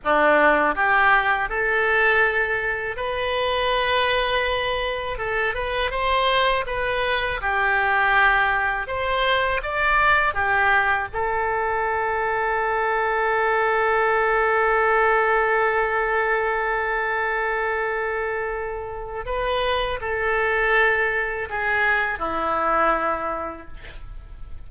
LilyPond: \new Staff \with { instrumentName = "oboe" } { \time 4/4 \tempo 4 = 81 d'4 g'4 a'2 | b'2. a'8 b'8 | c''4 b'4 g'2 | c''4 d''4 g'4 a'4~ |
a'1~ | a'1~ | a'2 b'4 a'4~ | a'4 gis'4 e'2 | }